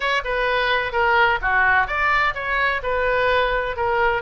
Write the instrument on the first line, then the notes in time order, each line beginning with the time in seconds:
oboe
0.00 C#5
0.24 B4
0.92 A#4
1.41 F#4
1.87 D5
2.34 C#5
2.83 B4
3.76 A#4